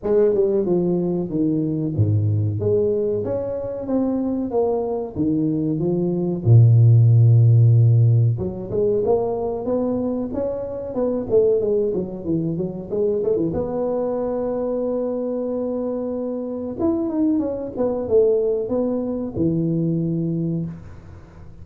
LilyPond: \new Staff \with { instrumentName = "tuba" } { \time 4/4 \tempo 4 = 93 gis8 g8 f4 dis4 gis,4 | gis4 cis'4 c'4 ais4 | dis4 f4 ais,2~ | ais,4 fis8 gis8 ais4 b4 |
cis'4 b8 a8 gis8 fis8 e8 fis8 | gis8 a16 e16 b2.~ | b2 e'8 dis'8 cis'8 b8 | a4 b4 e2 | }